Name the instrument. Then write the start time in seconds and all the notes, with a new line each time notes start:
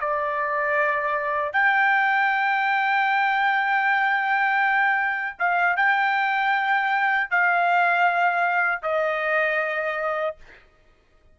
trumpet
0.00 D5
1.52 G5
5.39 F5
5.76 G5
7.30 F5
8.82 D#5